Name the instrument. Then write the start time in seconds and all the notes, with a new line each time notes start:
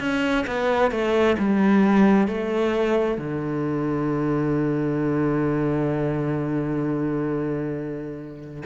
cello
0.00 C#4
0.47 B3
0.92 A3
1.39 G3
2.28 A3
3.18 D3